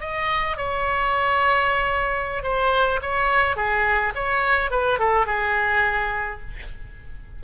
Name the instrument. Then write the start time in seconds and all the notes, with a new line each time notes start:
oboe
0.00 D#5
0.57 C#5
2.43 C5
3.02 C#5
3.56 G#4
4.15 C#5
4.70 B4
4.99 A4
5.26 G#4